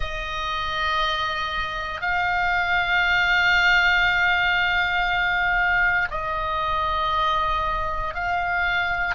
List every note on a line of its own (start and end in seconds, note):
0.00 2.01 D#5
2.01 6.07 F5
6.11 8.14 D#5
8.14 9.14 F5